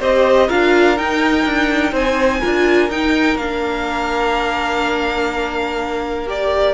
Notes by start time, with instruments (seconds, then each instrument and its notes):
0.00 cello C4, viola G4, violin C5 D#5
0.48 cello D4, viola F4, violin A#4 F5
0.97 viola D#4, cello D#4, violin G5
1.46 cello D4
1.93 cello C4, violin C5 G#5
2.40 cello D4, viola F4, violin A#4
2.89 cello D#4, viola D#4, violin G5
3.35 cello A#3, viola D4, violin F5
6.27 viola G4, violin D5